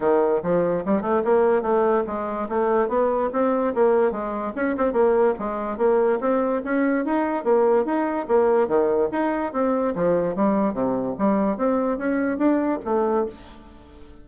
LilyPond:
\new Staff \with { instrumentName = "bassoon" } { \time 4/4 \tempo 4 = 145 dis4 f4 g8 a8 ais4 | a4 gis4 a4 b4 | c'4 ais4 gis4 cis'8 c'8 | ais4 gis4 ais4 c'4 |
cis'4 dis'4 ais4 dis'4 | ais4 dis4 dis'4 c'4 | f4 g4 c4 g4 | c'4 cis'4 d'4 a4 | }